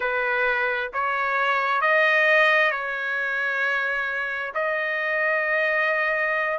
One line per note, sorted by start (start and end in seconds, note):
0.00 0.90 B4
0.93 1.81 C#5
1.81 2.71 D#5
2.71 4.52 C#5
4.54 6.58 D#5